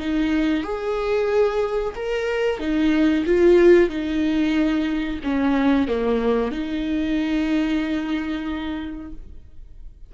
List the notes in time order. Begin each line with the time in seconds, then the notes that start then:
0.00 D#4
0.64 G#4
1.96 A#4
2.60 D#4
3.26 F4
3.90 D#4
5.24 C#4
5.88 A#3
6.52 D#4